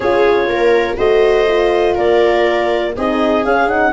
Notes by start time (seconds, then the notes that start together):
0.00 C#4 F4 G#4 C#5
0.47 A#3 A#4
0.97 A3 F#4 C5 D#5
1.48 F4
1.94 A#3 A#4 D5
2.96 C4 D#4 G#4 D#5
3.44 C#4 F5
3.67 D#4 F#5